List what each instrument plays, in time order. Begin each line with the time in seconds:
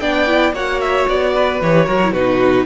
0.00 cello B3, viola D4, violin D5 G5
0.27 viola E4
0.53 cello A#3, viola F#4, violin C#5 F#5
0.81 violin E5
1.08 cello B3, violin D5
1.35 violin B4
1.61 cello E3, viola G4, violin C#5
1.86 cello F#3, viola F#4, violin A#4
2.03 viola E4
2.11 cello B2, viola D#4, violin F#4 B4